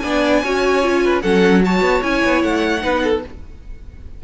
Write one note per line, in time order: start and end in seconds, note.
0.00 0.43 B3
0.00 0.45 D4
0.00 0.43 D5
0.00 1.20 G#5
0.43 1.23 C#4
0.43 0.83 F#4
0.43 1.04 C#5
0.83 1.23 F4
1.04 1.23 B4
1.22 1.81 F#3
1.22 1.63 C#4
1.22 1.63 A4
1.22 1.62 F#5
1.64 2.03 F#4
1.64 2.83 C#5
1.64 2.04 A5
1.81 2.01 B3
2.03 2.24 C#4
2.03 2.80 E4
2.03 2.43 G#5
2.25 2.43 B3
2.43 2.83 A3
2.43 3.23 F#5
2.80 3.24 B3
2.80 3.20 D#4
2.80 3.03 B4
3.04 3.24 A4